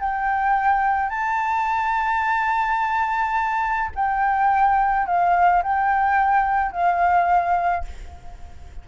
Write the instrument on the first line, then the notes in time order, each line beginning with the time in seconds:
flute
0.00 G5
1.10 A5
3.96 G5
5.07 F5
5.64 G5
6.73 F5